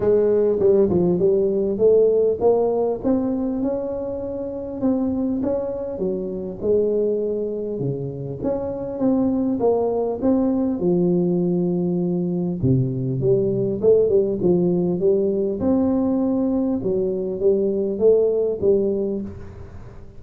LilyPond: \new Staff \with { instrumentName = "tuba" } { \time 4/4 \tempo 4 = 100 gis4 g8 f8 g4 a4 | ais4 c'4 cis'2 | c'4 cis'4 fis4 gis4~ | gis4 cis4 cis'4 c'4 |
ais4 c'4 f2~ | f4 c4 g4 a8 g8 | f4 g4 c'2 | fis4 g4 a4 g4 | }